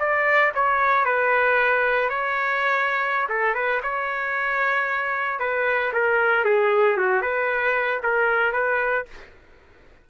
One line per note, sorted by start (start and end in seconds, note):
0.00 0.53 D5
0.55 1.06 C#5
1.06 2.10 B4
2.10 3.28 C#5
3.29 3.55 A4
3.55 3.82 B4
3.83 5.40 C#5
5.40 5.93 B4
5.94 6.45 A#4
6.45 6.98 G#4
6.98 7.22 F#4
7.22 8.01 B4
8.04 8.53 A#4
8.53 9.06 B4